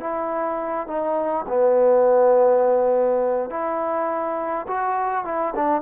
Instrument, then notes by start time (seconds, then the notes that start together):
trombone
0.00 E4
0.87 D#4
1.48 B3
3.50 E4
4.68 F#4
5.25 E4
5.55 D4